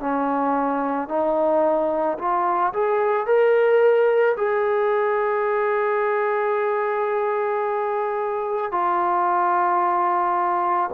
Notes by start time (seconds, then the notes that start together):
0.00 C#4
1.09 D#4
2.18 F4
2.73 G#4
3.26 A#4
4.37 G#4
8.72 F4